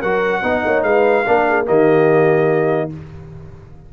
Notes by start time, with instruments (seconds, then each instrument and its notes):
0.00 tuba F#3, trombone F#4, horn A#4, trumpet F#5
0.42 tuba B3, trombone D#4, horn D#5
0.65 tuba A#3, horn C#5
0.83 tuba G#3, horn B4, trumpet F5
1.26 tuba A#3, trombone D4, horn A#4
1.48 horn G#4
1.65 tuba D#3, trombone A#3, horn G4, trumpet D#5